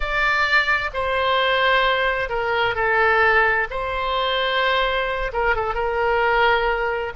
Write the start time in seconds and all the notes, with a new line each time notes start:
0.00 D5
0.93 C5
2.29 A#4
2.75 A4
3.70 C5
5.32 A#4
5.55 A4
5.74 A#4